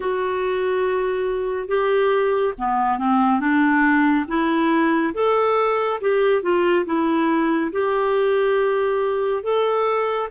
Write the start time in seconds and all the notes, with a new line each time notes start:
0.00 F#4
1.68 G4
2.58 B3
2.98 C4
3.40 D4
4.27 E4
5.14 A4
6.00 G4
6.42 F4
6.85 E4
7.71 G4
9.43 A4